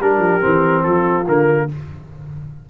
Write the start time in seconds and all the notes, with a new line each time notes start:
0.00 G3 D4 G4 A#4
0.18 F3
0.41 E3 C4
0.83 F3 F4 A4
1.27 D3 A#3 A#4